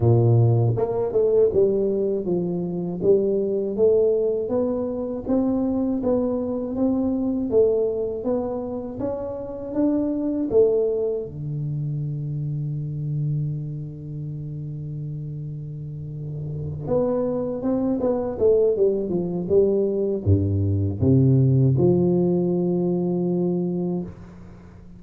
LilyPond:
\new Staff \with { instrumentName = "tuba" } { \time 4/4 \tempo 4 = 80 ais,4 ais8 a8 g4 f4 | g4 a4 b4 c'4 | b4 c'4 a4 b4 | cis'4 d'4 a4 d4~ |
d1~ | d2~ d8 b4 c'8 | b8 a8 g8 f8 g4 g,4 | c4 f2. | }